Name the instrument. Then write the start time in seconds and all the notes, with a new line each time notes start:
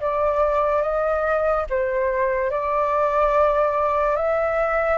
flute
0.00 D5
0.82 D#5
1.70 C5
2.50 D5
4.16 E5